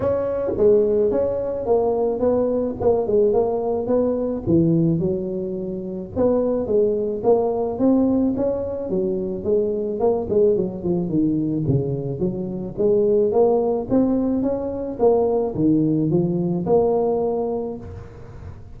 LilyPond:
\new Staff \with { instrumentName = "tuba" } { \time 4/4 \tempo 4 = 108 cis'4 gis4 cis'4 ais4 | b4 ais8 gis8 ais4 b4 | e4 fis2 b4 | gis4 ais4 c'4 cis'4 |
fis4 gis4 ais8 gis8 fis8 f8 | dis4 cis4 fis4 gis4 | ais4 c'4 cis'4 ais4 | dis4 f4 ais2 | }